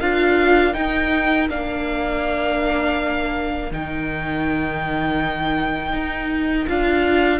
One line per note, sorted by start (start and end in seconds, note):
0.00 0.75 D4
0.00 0.73 F4
0.00 7.40 A#4
0.00 0.74 F5
0.73 1.47 D#4
0.73 1.50 D#4
0.73 1.48 G5
1.50 3.71 A#3
1.50 3.72 D4
1.50 3.72 F5
3.71 5.93 D#3
3.71 6.68 D#4
3.71 6.69 G5
5.93 6.67 D#4
6.68 7.40 D4
6.68 7.40 F4
6.68 7.40 F5